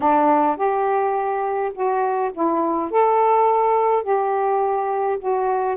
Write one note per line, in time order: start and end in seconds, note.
0.00 0.56 D4
0.56 1.72 G4
1.73 2.31 F#4
2.33 2.90 E4
2.90 4.03 A4
4.03 5.18 G4
5.19 5.76 F#4